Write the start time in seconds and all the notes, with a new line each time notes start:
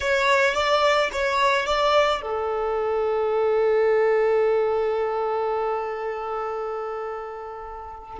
0.00 C#5
0.54 D5
1.12 C#5
1.66 D5
2.21 A4